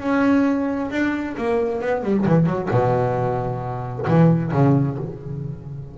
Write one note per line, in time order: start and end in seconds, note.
0.00 0.90 C#4
0.91 1.36 D4
1.38 1.81 A#3
1.81 2.03 B3
2.03 2.26 G3
2.26 2.46 E3
2.46 2.69 F#3
2.71 4.07 B2
4.07 4.53 E3
4.53 4.98 C#3